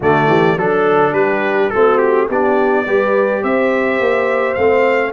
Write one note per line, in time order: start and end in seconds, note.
0.00 0.27 D3
0.00 0.58 A3
0.00 0.28 F#4
0.00 0.58 D5
0.27 0.55 E3
0.27 0.56 G4
0.57 1.12 F#3
0.57 1.72 D4
0.57 1.13 A4
0.57 1.15 A4
1.12 1.69 G3
1.12 1.72 G4
1.12 1.70 B4
1.70 2.29 A3
1.70 2.30 C4
1.70 2.28 F#4
1.70 1.98 A4
1.98 2.26 G4
2.28 2.86 B3
2.28 2.86 D4
2.28 2.85 G4
2.28 3.43 D5
2.86 3.43 G3
2.86 4.57 G4
2.86 3.42 B4
3.42 3.99 C4
3.42 5.13 C5
3.42 4.54 E5
3.99 4.56 A#3
4.54 5.13 A3
4.54 5.13 C4
4.54 5.11 F5